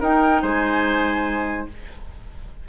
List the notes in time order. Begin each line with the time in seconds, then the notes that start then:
0.00 D#4 A#4 G5
0.42 G#3 C5 G#5